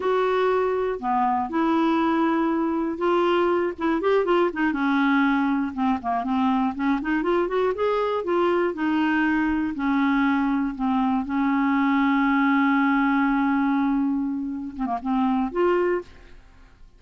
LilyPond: \new Staff \with { instrumentName = "clarinet" } { \time 4/4 \tempo 4 = 120 fis'2 b4 e'4~ | e'2 f'4. e'8 | g'8 f'8 dis'8 cis'2 c'8 | ais8 c'4 cis'8 dis'8 f'8 fis'8 gis'8~ |
gis'8 f'4 dis'2 cis'8~ | cis'4. c'4 cis'4.~ | cis'1~ | cis'4. c'16 ais16 c'4 f'4 | }